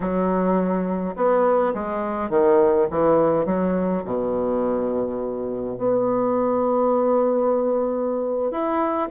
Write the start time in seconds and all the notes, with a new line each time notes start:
0.00 F#3
1.15 B3
1.74 G#3
2.29 D#3
2.90 E3
3.45 F#3
4.04 B2
5.77 B3
8.51 E4